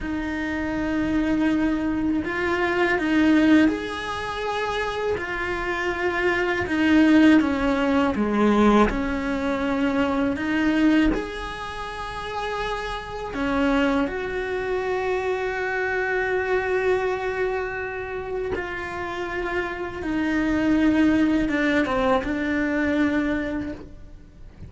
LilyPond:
\new Staff \with { instrumentName = "cello" } { \time 4/4 \tempo 4 = 81 dis'2. f'4 | dis'4 gis'2 f'4~ | f'4 dis'4 cis'4 gis4 | cis'2 dis'4 gis'4~ |
gis'2 cis'4 fis'4~ | fis'1~ | fis'4 f'2 dis'4~ | dis'4 d'8 c'8 d'2 | }